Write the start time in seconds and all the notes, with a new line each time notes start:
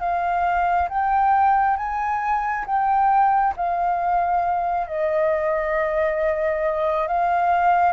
0.00 F5
0.89 G5
1.77 G#5
2.66 G5
3.57 F5
4.87 D#5
7.07 F5